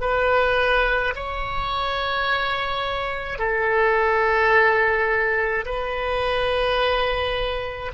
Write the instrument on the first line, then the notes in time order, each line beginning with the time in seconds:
oboe
0.00 B4
1.15 C#5
3.38 A4
5.65 B4